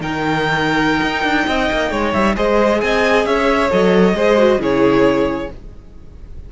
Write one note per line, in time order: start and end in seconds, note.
0.00 1.01 D#3
0.00 2.35 D#4
0.00 1.46 A#4
0.00 2.13 G5
1.03 1.24 D#4
1.24 1.46 D4
1.46 1.70 C4
1.46 1.91 D#5
1.71 1.91 A#3
1.91 2.13 G#3
1.91 2.36 C#5
2.13 2.37 G3
2.13 2.35 E5
2.35 2.82 G#3
2.35 3.69 G#4
2.35 2.81 C5
2.35 2.81 D#5
2.81 3.25 C4
2.81 3.27 D#5
2.81 3.25 G#5
3.25 3.70 C#4
3.25 4.16 C#5
3.25 3.70 E5
3.70 4.14 F#3
3.70 4.15 A4
3.70 4.62 D#5
4.14 4.58 G#3
4.14 4.38 G#4
4.14 4.60 C5
4.38 4.60 F#4
4.58 5.47 C#3
4.58 5.49 E4
4.58 5.50 G#4
4.58 5.52 C#5